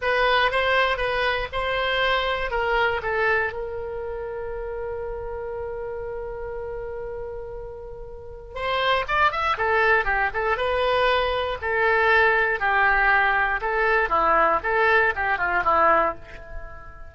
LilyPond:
\new Staff \with { instrumentName = "oboe" } { \time 4/4 \tempo 4 = 119 b'4 c''4 b'4 c''4~ | c''4 ais'4 a'4 ais'4~ | ais'1~ | ais'1~ |
ais'4 c''4 d''8 e''8 a'4 | g'8 a'8 b'2 a'4~ | a'4 g'2 a'4 | e'4 a'4 g'8 f'8 e'4 | }